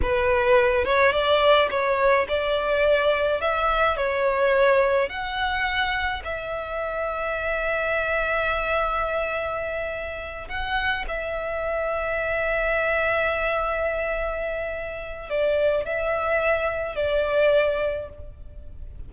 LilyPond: \new Staff \with { instrumentName = "violin" } { \time 4/4 \tempo 4 = 106 b'4. cis''8 d''4 cis''4 | d''2 e''4 cis''4~ | cis''4 fis''2 e''4~ | e''1~ |
e''2~ e''8 fis''4 e''8~ | e''1~ | e''2. d''4 | e''2 d''2 | }